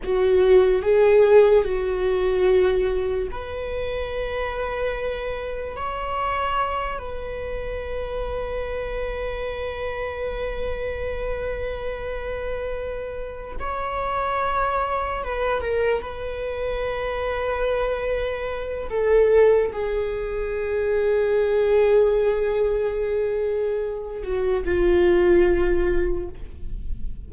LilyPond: \new Staff \with { instrumentName = "viola" } { \time 4/4 \tempo 4 = 73 fis'4 gis'4 fis'2 | b'2. cis''4~ | cis''8 b'2.~ b'8~ | b'1~ |
b'8 cis''2 b'8 ais'8 b'8~ | b'2. a'4 | gis'1~ | gis'4. fis'8 f'2 | }